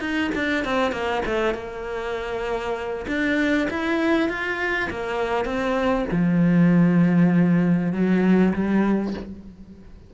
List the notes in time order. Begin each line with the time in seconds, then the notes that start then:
0.00 D#4
0.34 D4
0.64 C4
0.91 A#3
1.25 A3
1.54 A#3
3.07 D4
3.70 E4
4.29 F4
4.90 A#3
5.45 C4
6.11 F3
7.92 F#3
8.53 G3